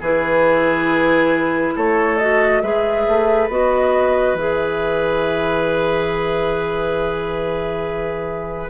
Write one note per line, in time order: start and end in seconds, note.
0.00 1.75 E3
0.00 2.20 E4
0.00 1.74 G#4
0.00 1.77 B4
1.75 2.63 A3
1.75 2.62 A4
1.75 2.18 C#5
2.18 2.63 F#4
2.18 2.61 D#5
2.61 3.06 G#3
2.61 3.50 G#4
2.61 8.70 B4
2.61 3.48 E5
3.07 3.49 A3
3.49 4.34 B3
3.49 4.37 F#4
3.49 4.36 D#5
4.34 8.69 E3
4.34 8.70 G#4
4.34 8.70 E5